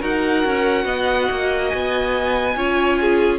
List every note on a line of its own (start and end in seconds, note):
0.00 0.45 D#4
0.00 2.54 F#4
0.00 0.85 A#4
0.00 1.69 F#5
0.45 0.85 C#4
0.85 1.27 B3
0.85 2.54 D#5
1.31 1.73 A#3
1.69 2.56 B3
1.69 3.38 G#5
2.56 3.39 C#4
2.56 3.39 F4
2.56 2.99 C#5
3.00 3.39 G#4